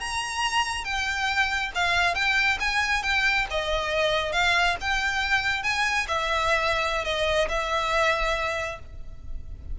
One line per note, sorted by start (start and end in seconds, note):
0.00 0.85 A#5
0.85 1.72 G5
1.75 2.15 F5
2.15 2.58 G5
2.60 3.03 G#5
3.03 3.46 G5
3.50 4.32 D#5
4.32 4.76 F5
4.81 5.63 G5
5.63 6.07 G#5
6.08 7.05 E5
7.05 7.48 D#5
7.49 8.79 E5